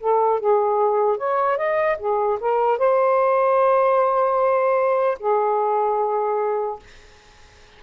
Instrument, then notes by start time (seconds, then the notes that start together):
saxophone
0.00 A4
0.40 G#4
1.17 C#5
1.57 D#5
1.99 G#4
2.40 A#4
2.78 C5
5.19 G#4